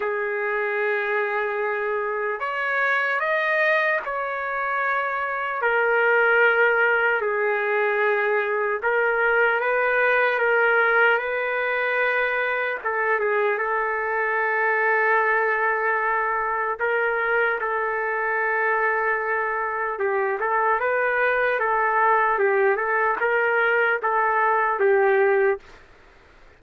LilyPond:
\new Staff \with { instrumentName = "trumpet" } { \time 4/4 \tempo 4 = 75 gis'2. cis''4 | dis''4 cis''2 ais'4~ | ais'4 gis'2 ais'4 | b'4 ais'4 b'2 |
a'8 gis'8 a'2.~ | a'4 ais'4 a'2~ | a'4 g'8 a'8 b'4 a'4 | g'8 a'8 ais'4 a'4 g'4 | }